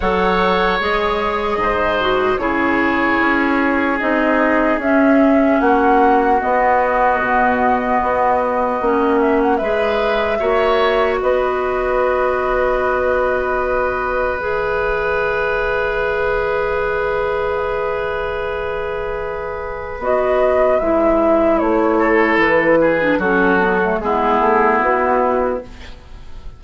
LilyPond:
<<
  \new Staff \with { instrumentName = "flute" } { \time 4/4 \tempo 4 = 75 fis''4 dis''2 cis''4~ | cis''4 dis''4 e''4 fis''4 | dis''2.~ dis''8 e''16 fis''16 | e''2 dis''2~ |
dis''2 e''2~ | e''1~ | e''4 dis''4 e''4 cis''4 | b'4 a'4 gis'4 fis'4 | }
  \new Staff \with { instrumentName = "oboe" } { \time 4/4 cis''2 c''4 gis'4~ | gis'2. fis'4~ | fis'1 | b'4 cis''4 b'2~ |
b'1~ | b'1~ | b'2.~ b'8 a'8~ | a'8 gis'8 fis'4 e'2 | }
  \new Staff \with { instrumentName = "clarinet" } { \time 4/4 a'4 gis'4. fis'8 e'4~ | e'4 dis'4 cis'2 | b2. cis'4 | gis'4 fis'2.~ |
fis'2 gis'2~ | gis'1~ | gis'4 fis'4 e'2~ | e'8. d'16 cis'8 b16 a16 b2 | }
  \new Staff \with { instrumentName = "bassoon" } { \time 4/4 fis4 gis4 gis,4 cis4 | cis'4 c'4 cis'4 ais4 | b4 b,4 b4 ais4 | gis4 ais4 b2~ |
b2 e2~ | e1~ | e4 b4 gis4 a4 | e4 fis4 gis8 a8 b4 | }
>>